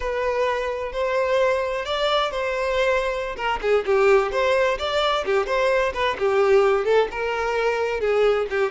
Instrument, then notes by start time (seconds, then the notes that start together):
violin
0.00 B4
0.92 C5
1.85 D5
2.31 C5
3.36 A#4
3.61 G#4
3.85 G4
4.31 C5
4.78 D5
5.25 G4
5.46 C5
5.93 B4
6.18 G4
6.85 A4
7.11 A#4
8.00 G#4
8.50 G4